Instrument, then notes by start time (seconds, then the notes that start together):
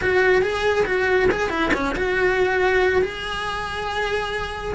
cello
0.01 F#4
0.42 G#4
0.85 F#4
1.31 G#4
1.49 E4
1.73 C#4
1.95 F#4
3.02 G#4